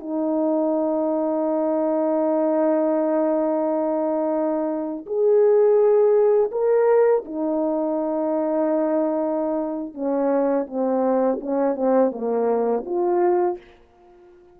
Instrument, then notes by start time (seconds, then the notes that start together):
horn
0.00 D#4
5.06 G#4
6.52 A#4
7.25 D#4
9.94 C#4
10.67 C4
11.41 C#4
11.75 C4
12.11 A#3
12.85 F4